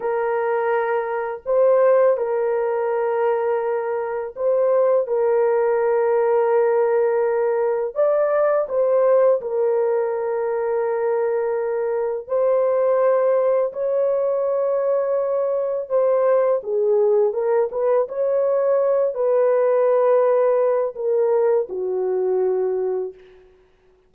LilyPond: \new Staff \with { instrumentName = "horn" } { \time 4/4 \tempo 4 = 83 ais'2 c''4 ais'4~ | ais'2 c''4 ais'4~ | ais'2. d''4 | c''4 ais'2.~ |
ais'4 c''2 cis''4~ | cis''2 c''4 gis'4 | ais'8 b'8 cis''4. b'4.~ | b'4 ais'4 fis'2 | }